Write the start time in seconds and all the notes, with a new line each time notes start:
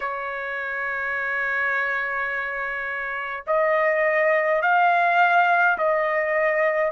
0.00 C#5
3.46 D#5
4.62 F5
5.77 D#5